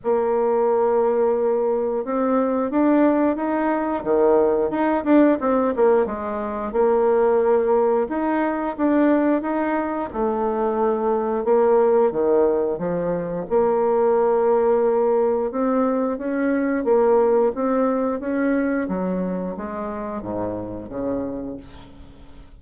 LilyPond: \new Staff \with { instrumentName = "bassoon" } { \time 4/4 \tempo 4 = 89 ais2. c'4 | d'4 dis'4 dis4 dis'8 d'8 | c'8 ais8 gis4 ais2 | dis'4 d'4 dis'4 a4~ |
a4 ais4 dis4 f4 | ais2. c'4 | cis'4 ais4 c'4 cis'4 | fis4 gis4 gis,4 cis4 | }